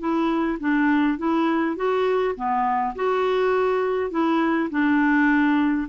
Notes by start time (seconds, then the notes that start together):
0.00 E4
0.60 D4
1.18 E4
1.77 F#4
2.36 B3
2.96 F#4
4.11 E4
4.71 D4